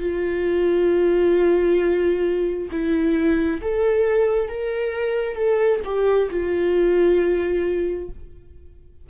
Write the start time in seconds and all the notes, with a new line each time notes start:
0.00 F4
2.71 E4
3.61 A4
4.48 A#4
5.35 A4
5.85 G4
6.30 F4